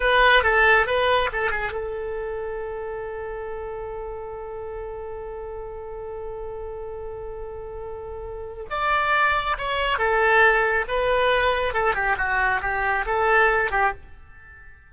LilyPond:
\new Staff \with { instrumentName = "oboe" } { \time 4/4 \tempo 4 = 138 b'4 a'4 b'4 a'8 gis'8 | a'1~ | a'1~ | a'1~ |
a'1 | d''2 cis''4 a'4~ | a'4 b'2 a'8 g'8 | fis'4 g'4 a'4. g'8 | }